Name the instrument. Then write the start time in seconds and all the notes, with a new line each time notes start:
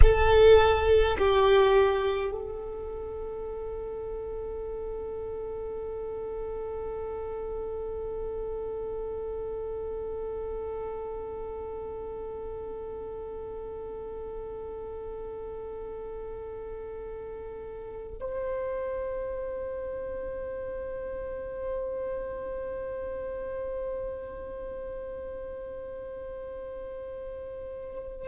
violin
0.02 A4
1.17 G4
2.31 A4
18.20 C5